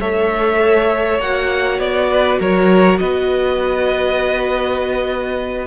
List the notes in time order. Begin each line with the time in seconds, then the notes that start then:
0.00 A3 A4 C#5 E5
1.19 A#3 F#4 F#5
1.79 B3 D5
2.10 B4
2.40 F#3 A#4 C#5
2.99 B3 B4 D#5